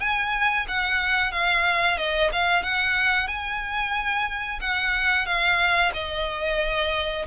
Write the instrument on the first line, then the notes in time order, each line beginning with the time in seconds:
violin
0.00 G#5
0.68 F#5
1.32 F5
1.97 D#5
2.32 F5
2.63 F#5
3.27 G#5
4.61 F#5
5.26 F5
5.93 D#5